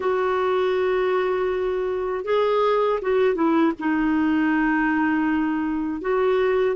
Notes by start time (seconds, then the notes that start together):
0.00 F#4
2.24 G#4
3.01 F#4
3.34 E4
3.79 D#4
6.01 F#4